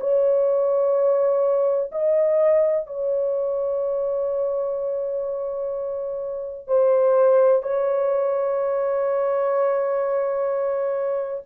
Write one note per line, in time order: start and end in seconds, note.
0.00 1.90 C#5
1.91 2.86 D#5
2.86 6.67 C#5
6.67 7.62 C5
7.62 11.43 C#5